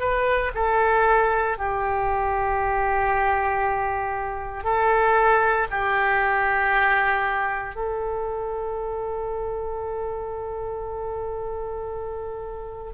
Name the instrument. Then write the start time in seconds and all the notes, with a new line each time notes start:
oboe
0.00 B4
0.55 A4
1.58 G4
4.64 A4
5.71 G4
7.75 A4